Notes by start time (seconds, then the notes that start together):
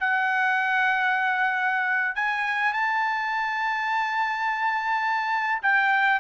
0.00 F#5
2.16 G#5
2.74 A5
5.63 G5